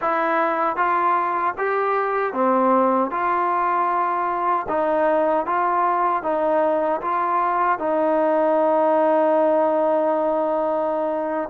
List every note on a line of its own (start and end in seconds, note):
0.01 0.76 E4
0.76 1.54 F4
1.57 2.33 G4
2.33 3.10 C4
3.10 4.66 F4
4.68 5.45 D#4
5.45 6.23 F4
6.23 7.01 D#4
7.01 7.79 F4
7.79 11.49 D#4